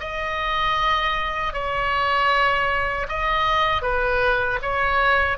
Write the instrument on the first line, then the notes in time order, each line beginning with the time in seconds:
oboe
0.00 D#5
1.53 C#5
3.09 D#5
3.82 B4
4.62 C#5